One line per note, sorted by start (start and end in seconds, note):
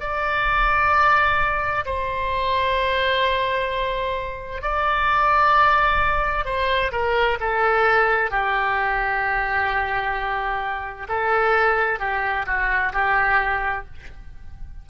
0.00 1.85 D5
1.85 4.62 C5
4.62 6.45 D5
6.45 6.91 C5
6.92 7.38 A#4
7.40 8.30 A4
8.30 11.07 G4
11.08 11.99 A4
11.99 12.45 G4
12.46 12.92 F#4
12.93 13.85 G4